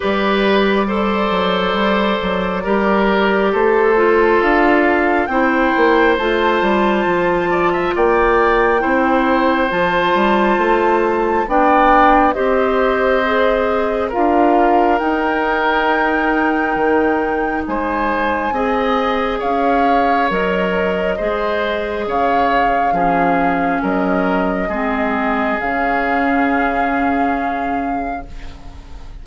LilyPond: <<
  \new Staff \with { instrumentName = "flute" } { \time 4/4 \tempo 4 = 68 d''1 | c''4 f''4 g''4 a''4~ | a''4 g''2 a''4~ | a''4 g''4 dis''2 |
f''4 g''2. | gis''2 f''4 dis''4~ | dis''4 f''2 dis''4~ | dis''4 f''2. | }
  \new Staff \with { instrumentName = "oboe" } { \time 4/4 b'4 c''2 ais'4 | a'2 c''2~ | c''8 d''16 e''16 d''4 c''2~ | c''4 d''4 c''2 |
ais'1 | c''4 dis''4 cis''2 | c''4 cis''4 gis'4 ais'4 | gis'1 | }
  \new Staff \with { instrumentName = "clarinet" } { \time 4/4 g'4 a'2 g'4~ | g'8 f'4. e'4 f'4~ | f'2 e'4 f'4~ | f'4 d'4 g'4 gis'4 |
f'4 dis'2.~ | dis'4 gis'2 ais'4 | gis'2 cis'2 | c'4 cis'2. | }
  \new Staff \with { instrumentName = "bassoon" } { \time 4/4 g4. fis8 g8 fis8 g4 | a4 d'4 c'8 ais8 a8 g8 | f4 ais4 c'4 f8 g8 | a4 b4 c'2 |
d'4 dis'2 dis4 | gis4 c'4 cis'4 fis4 | gis4 cis4 f4 fis4 | gis4 cis2. | }
>>